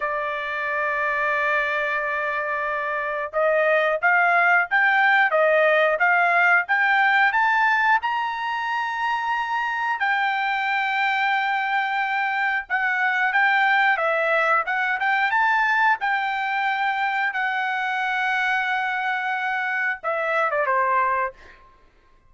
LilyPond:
\new Staff \with { instrumentName = "trumpet" } { \time 4/4 \tempo 4 = 90 d''1~ | d''4 dis''4 f''4 g''4 | dis''4 f''4 g''4 a''4 | ais''2. g''4~ |
g''2. fis''4 | g''4 e''4 fis''8 g''8 a''4 | g''2 fis''2~ | fis''2 e''8. d''16 c''4 | }